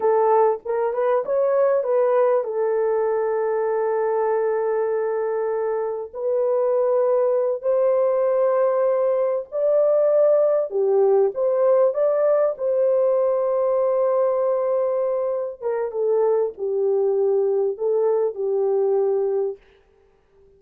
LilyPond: \new Staff \with { instrumentName = "horn" } { \time 4/4 \tempo 4 = 98 a'4 ais'8 b'8 cis''4 b'4 | a'1~ | a'2 b'2~ | b'8 c''2. d''8~ |
d''4. g'4 c''4 d''8~ | d''8 c''2.~ c''8~ | c''4. ais'8 a'4 g'4~ | g'4 a'4 g'2 | }